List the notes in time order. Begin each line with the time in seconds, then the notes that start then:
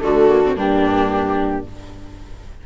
0.00 D3 A3 F#4 A4
0.29 A#3
0.46 C4
0.55 G2 A#3 D4 G4